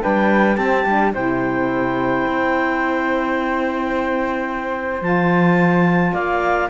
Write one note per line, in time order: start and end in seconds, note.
0.00 0.57 G3
0.00 0.56 D4
0.00 0.56 B4
0.00 0.56 G5
0.56 0.84 C4
0.56 0.85 C4
0.56 1.12 G4
0.56 1.11 A5
0.86 1.13 G3
0.86 1.13 D4
1.13 2.26 C3
1.13 5.02 E4
1.13 6.12 C5
1.13 5.03 G5
2.26 5.01 C4
5.01 6.12 F3
5.01 6.68 F4
5.01 6.14 A5
6.12 6.69 A#3
6.12 6.68 D5
6.12 6.69 F5